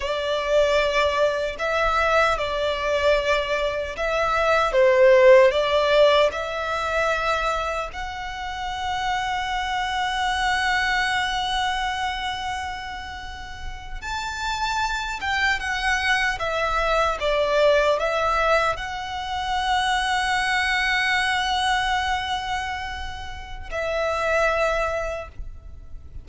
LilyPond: \new Staff \with { instrumentName = "violin" } { \time 4/4 \tempo 4 = 76 d''2 e''4 d''4~ | d''4 e''4 c''4 d''4 | e''2 fis''2~ | fis''1~ |
fis''4.~ fis''16 a''4. g''8 fis''16~ | fis''8. e''4 d''4 e''4 fis''16~ | fis''1~ | fis''2 e''2 | }